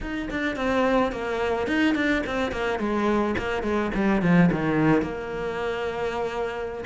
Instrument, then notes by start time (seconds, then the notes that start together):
cello
0.01 D#4
0.30 D4
0.56 C4
1.12 A#3
1.67 D#4
1.94 D4
2.26 C4
2.51 A#3
2.79 G#3
3.37 A#3
3.62 G#3
3.94 G3
4.22 F3
4.52 D#3
5.02 A#3